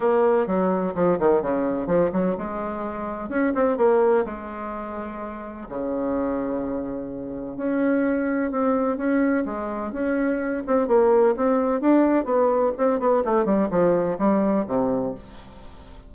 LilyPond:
\new Staff \with { instrumentName = "bassoon" } { \time 4/4 \tempo 4 = 127 ais4 fis4 f8 dis8 cis4 | f8 fis8 gis2 cis'8 c'8 | ais4 gis2. | cis1 |
cis'2 c'4 cis'4 | gis4 cis'4. c'8 ais4 | c'4 d'4 b4 c'8 b8 | a8 g8 f4 g4 c4 | }